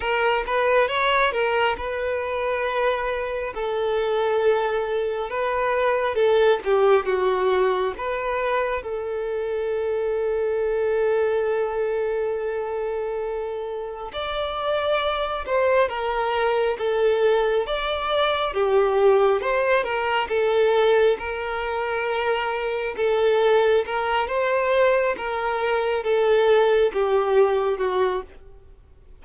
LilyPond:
\new Staff \with { instrumentName = "violin" } { \time 4/4 \tempo 4 = 68 ais'8 b'8 cis''8 ais'8 b'2 | a'2 b'4 a'8 g'8 | fis'4 b'4 a'2~ | a'1 |
d''4. c''8 ais'4 a'4 | d''4 g'4 c''8 ais'8 a'4 | ais'2 a'4 ais'8 c''8~ | c''8 ais'4 a'4 g'4 fis'8 | }